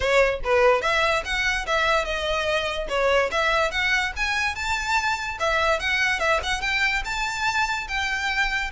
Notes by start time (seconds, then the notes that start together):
0.00 C#5
0.44 B4
0.81 E5
1.24 F#5
1.66 E5
2.04 D#5
2.89 C#5
3.31 E5
3.71 F#5
4.16 G#5
4.55 A5
5.39 E5
5.79 F#5
6.19 E5
6.43 F#5
6.61 G5
7.05 A5
7.88 G5